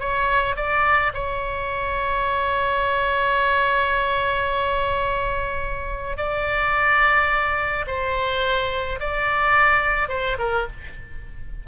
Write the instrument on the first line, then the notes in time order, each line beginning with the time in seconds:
oboe
0.00 C#5
0.57 D5
1.14 C#5
6.18 D5
7.88 C5
9.00 D5
10.09 C5
10.39 A#4